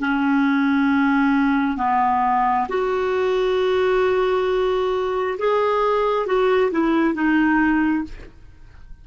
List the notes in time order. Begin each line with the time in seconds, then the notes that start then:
0.00 C#4
1.77 B3
2.69 F#4
5.39 G#4
6.26 F#4
6.72 E4
7.15 D#4